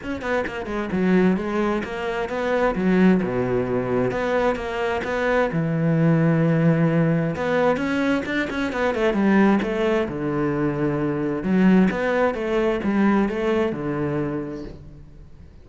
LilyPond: \new Staff \with { instrumentName = "cello" } { \time 4/4 \tempo 4 = 131 cis'8 b8 ais8 gis8 fis4 gis4 | ais4 b4 fis4 b,4~ | b,4 b4 ais4 b4 | e1 |
b4 cis'4 d'8 cis'8 b8 a8 | g4 a4 d2~ | d4 fis4 b4 a4 | g4 a4 d2 | }